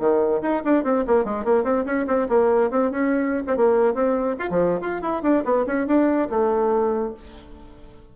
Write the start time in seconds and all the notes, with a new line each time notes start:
0.00 D#3
0.42 D#4
0.65 D4
0.84 C4
1.07 A#3
1.25 G#3
1.45 A#3
1.64 C4
1.86 C#4
2.07 C4
2.29 A#3
2.71 C4
2.92 C#4
3.48 C4
3.57 A#3
3.95 C4
4.39 F4
4.51 F3
4.81 F4
5.02 E4
5.23 D4
5.45 B3
5.67 C#4
5.87 D4
6.30 A3